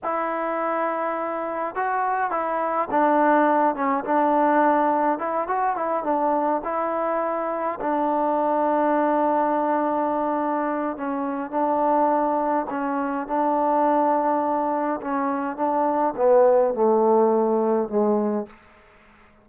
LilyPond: \new Staff \with { instrumentName = "trombone" } { \time 4/4 \tempo 4 = 104 e'2. fis'4 | e'4 d'4. cis'8 d'4~ | d'4 e'8 fis'8 e'8 d'4 e'8~ | e'4. d'2~ d'8~ |
d'2. cis'4 | d'2 cis'4 d'4~ | d'2 cis'4 d'4 | b4 a2 gis4 | }